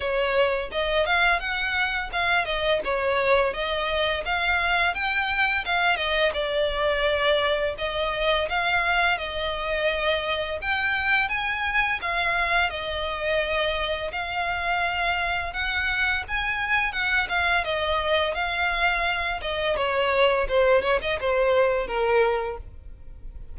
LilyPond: \new Staff \with { instrumentName = "violin" } { \time 4/4 \tempo 4 = 85 cis''4 dis''8 f''8 fis''4 f''8 dis''8 | cis''4 dis''4 f''4 g''4 | f''8 dis''8 d''2 dis''4 | f''4 dis''2 g''4 |
gis''4 f''4 dis''2 | f''2 fis''4 gis''4 | fis''8 f''8 dis''4 f''4. dis''8 | cis''4 c''8 cis''16 dis''16 c''4 ais'4 | }